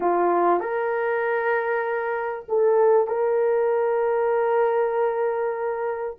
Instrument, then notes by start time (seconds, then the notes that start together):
horn
0.00 F4
0.60 A#4
2.48 A4
3.07 A#4